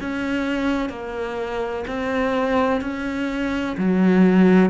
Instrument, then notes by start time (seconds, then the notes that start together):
cello
0.00 C#4
0.89 A#3
1.87 C4
2.81 C#4
3.77 F#3